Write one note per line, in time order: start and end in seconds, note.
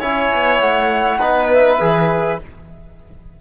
0.00 0.33 C#4
0.00 1.20 E4
0.00 1.19 C#5
0.00 0.60 G#5
0.34 0.61 B3
0.60 1.20 A3
0.60 1.49 F#5
1.19 1.80 B3
1.19 1.79 D#4
1.19 2.38 B4
1.52 2.41 E5
1.80 2.39 E3
1.80 2.39 G#4